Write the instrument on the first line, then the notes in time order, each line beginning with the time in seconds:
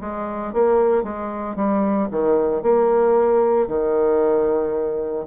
bassoon
0.00 G#3
0.53 A#3
1.03 G#3
1.55 G3
2.11 D#3
2.62 A#3
3.67 D#3